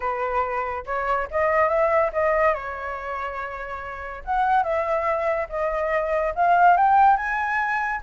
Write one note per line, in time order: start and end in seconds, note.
0.00 0.84 B4
0.85 1.28 C#5
1.30 1.68 D#5
1.68 2.10 E5
2.13 2.54 D#5
2.54 4.23 C#5
4.24 4.63 F#5
4.63 5.47 E5
5.49 6.33 D#5
6.35 6.76 F5
6.76 7.16 G5
7.16 8.01 G#5